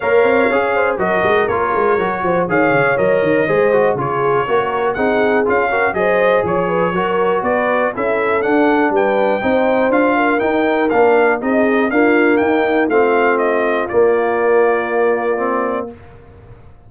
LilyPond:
<<
  \new Staff \with { instrumentName = "trumpet" } { \time 4/4 \tempo 4 = 121 f''2 dis''4 cis''4~ | cis''4 f''4 dis''2 | cis''2 fis''4 f''4 | dis''4 cis''2 d''4 |
e''4 fis''4 g''2 | f''4 g''4 f''4 dis''4 | f''4 g''4 f''4 dis''4 | d''1 | }
  \new Staff \with { instrumentName = "horn" } { \time 4/4 cis''4. c''8 ais'2~ | ais'8 c''8 cis''2 c''4 | gis'4 ais'4 gis'4. ais'8 | c''4 cis''8 b'8 ais'4 b'4 |
a'2 b'4 c''4~ | c''8 ais'2~ ais'8 gis'4 | f'4 dis'4 f'2~ | f'1 | }
  \new Staff \with { instrumentName = "trombone" } { \time 4/4 ais'4 gis'4 fis'4 f'4 | fis'4 gis'4 ais'4 gis'8 fis'8 | f'4 fis'4 dis'4 f'8 fis'8 | gis'2 fis'2 |
e'4 d'2 dis'4 | f'4 dis'4 d'4 dis'4 | ais2 c'2 | ais2. c'4 | }
  \new Staff \with { instrumentName = "tuba" } { \time 4/4 ais8 c'8 cis'4 fis8 gis8 ais8 gis8 | fis8 f8 dis8 cis8 fis8 dis8 gis4 | cis4 ais4 c'4 cis'4 | fis4 f4 fis4 b4 |
cis'4 d'4 g4 c'4 | d'4 dis'4 ais4 c'4 | d'4 dis'4 a2 | ais1 | }
>>